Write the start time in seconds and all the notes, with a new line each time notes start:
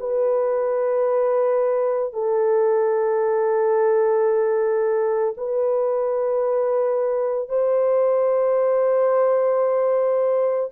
0.00 B4
2.13 A4
5.37 B4
7.48 C5